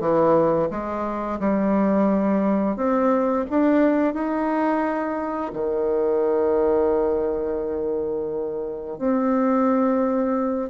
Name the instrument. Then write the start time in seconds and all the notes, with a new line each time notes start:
bassoon
0.00 E3
0.71 G#3
1.40 G3
2.76 C4
3.50 D4
4.14 D#4
5.54 D#3
8.98 C4